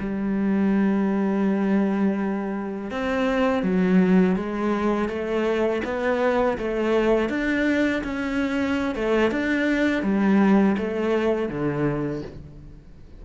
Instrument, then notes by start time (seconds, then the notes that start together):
cello
0.00 G3
2.91 C4
3.63 F#3
4.36 G#3
5.09 A3
5.85 B3
6.59 A3
7.30 D4
8.04 C#4
8.96 A3
9.32 D4
10.03 G3
10.78 A3
11.49 D3